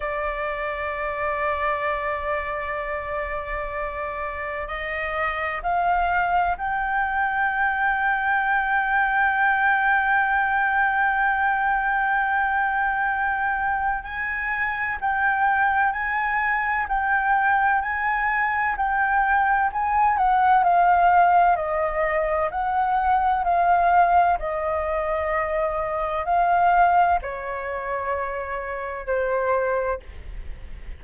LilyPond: \new Staff \with { instrumentName = "flute" } { \time 4/4 \tempo 4 = 64 d''1~ | d''4 dis''4 f''4 g''4~ | g''1~ | g''2. gis''4 |
g''4 gis''4 g''4 gis''4 | g''4 gis''8 fis''8 f''4 dis''4 | fis''4 f''4 dis''2 | f''4 cis''2 c''4 | }